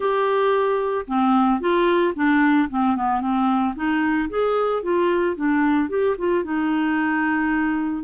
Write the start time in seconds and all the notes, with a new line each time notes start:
0.00 G4
1.07 C4
1.60 F4
2.15 D4
2.69 C4
2.96 B3
3.20 C4
3.75 D#4
4.29 G#4
4.83 F4
5.36 D4
5.89 G4
6.18 F4
6.43 D#4